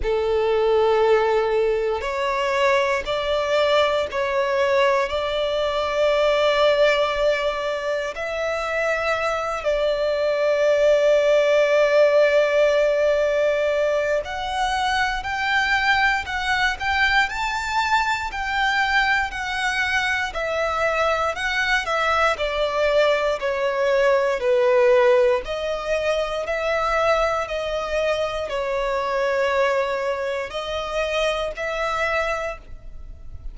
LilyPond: \new Staff \with { instrumentName = "violin" } { \time 4/4 \tempo 4 = 59 a'2 cis''4 d''4 | cis''4 d''2. | e''4. d''2~ d''8~ | d''2 fis''4 g''4 |
fis''8 g''8 a''4 g''4 fis''4 | e''4 fis''8 e''8 d''4 cis''4 | b'4 dis''4 e''4 dis''4 | cis''2 dis''4 e''4 | }